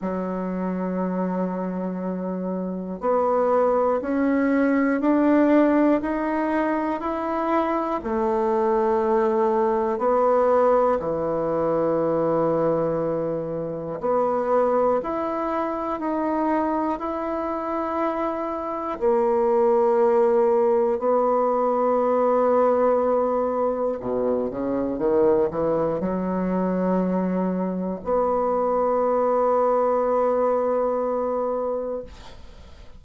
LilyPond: \new Staff \with { instrumentName = "bassoon" } { \time 4/4 \tempo 4 = 60 fis2. b4 | cis'4 d'4 dis'4 e'4 | a2 b4 e4~ | e2 b4 e'4 |
dis'4 e'2 ais4~ | ais4 b2. | b,8 cis8 dis8 e8 fis2 | b1 | }